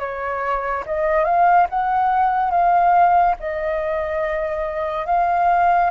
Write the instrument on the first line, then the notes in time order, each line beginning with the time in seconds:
flute
0.00 C#5
0.87 D#5
1.25 F5
1.70 F#5
2.51 F5
3.40 D#5
5.06 F5